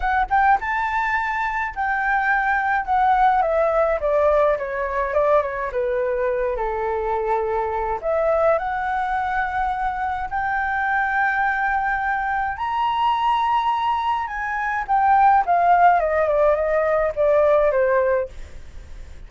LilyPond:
\new Staff \with { instrumentName = "flute" } { \time 4/4 \tempo 4 = 105 fis''8 g''8 a''2 g''4~ | g''4 fis''4 e''4 d''4 | cis''4 d''8 cis''8 b'4. a'8~ | a'2 e''4 fis''4~ |
fis''2 g''2~ | g''2 ais''2~ | ais''4 gis''4 g''4 f''4 | dis''8 d''8 dis''4 d''4 c''4 | }